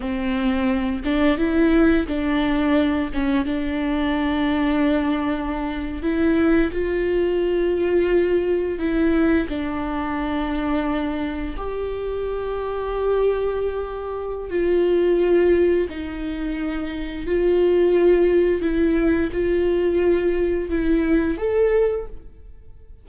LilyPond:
\new Staff \with { instrumentName = "viola" } { \time 4/4 \tempo 4 = 87 c'4. d'8 e'4 d'4~ | d'8 cis'8 d'2.~ | d'8. e'4 f'2~ f'16~ | f'8. e'4 d'2~ d'16~ |
d'8. g'2.~ g'16~ | g'4 f'2 dis'4~ | dis'4 f'2 e'4 | f'2 e'4 a'4 | }